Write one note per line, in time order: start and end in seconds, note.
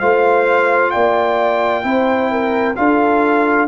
0.00 0.95 A3
0.00 1.83 F4
0.00 0.92 C5
0.00 0.91 F5
0.91 1.84 A#3
0.91 1.86 D5
0.91 2.76 G5
1.83 2.77 C4
1.83 2.76 E4
1.83 2.32 C5
2.32 2.78 A#4
2.76 3.68 D4
2.76 3.68 F4
2.76 3.68 A4
2.76 3.68 F5